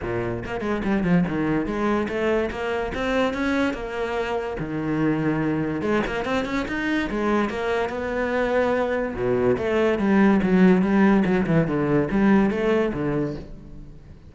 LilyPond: \new Staff \with { instrumentName = "cello" } { \time 4/4 \tempo 4 = 144 ais,4 ais8 gis8 g8 f8 dis4 | gis4 a4 ais4 c'4 | cis'4 ais2 dis4~ | dis2 gis8 ais8 c'8 cis'8 |
dis'4 gis4 ais4 b4~ | b2 b,4 a4 | g4 fis4 g4 fis8 e8 | d4 g4 a4 d4 | }